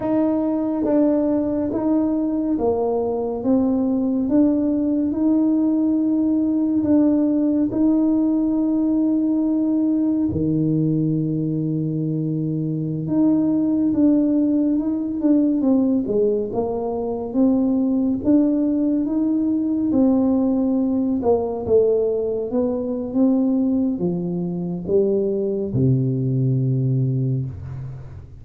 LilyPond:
\new Staff \with { instrumentName = "tuba" } { \time 4/4 \tempo 4 = 70 dis'4 d'4 dis'4 ais4 | c'4 d'4 dis'2 | d'4 dis'2. | dis2.~ dis16 dis'8.~ |
dis'16 d'4 dis'8 d'8 c'8 gis8 ais8.~ | ais16 c'4 d'4 dis'4 c'8.~ | c'8. ais8 a4 b8. c'4 | f4 g4 c2 | }